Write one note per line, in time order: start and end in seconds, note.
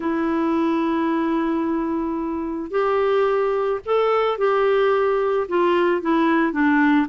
0.00 2.70 E4
2.70 3.80 G4
3.85 4.38 A4
4.38 5.47 G4
5.48 6.01 F4
6.01 6.52 E4
6.52 7.07 D4